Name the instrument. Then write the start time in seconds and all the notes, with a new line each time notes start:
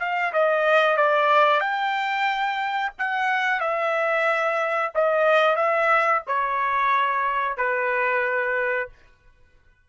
trumpet
0.00 F5
0.33 D#5
0.97 D5
1.61 G5
2.99 F#5
3.61 E5
4.95 D#5
5.56 E5
6.27 C#5
7.58 B4